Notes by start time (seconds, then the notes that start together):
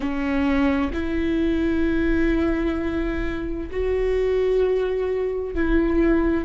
0.00 C#4
0.93 E4
3.70 F#4
5.54 E4